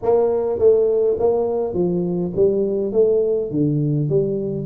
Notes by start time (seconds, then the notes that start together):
0.02 A#3
0.58 A3
1.19 A#3
1.73 F3
2.35 G3
2.92 A3
3.51 D3
4.09 G3